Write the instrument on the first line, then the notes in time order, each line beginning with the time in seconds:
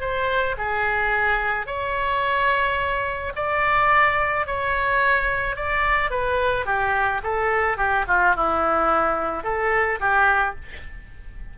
oboe
0.00 C5
0.57 G#4
1.66 C#5
3.35 D5
4.46 C#5
5.56 D5
6.10 B4
6.65 G4
7.23 A4
7.77 G4
8.07 F4
8.35 E4
9.43 A4
9.99 G4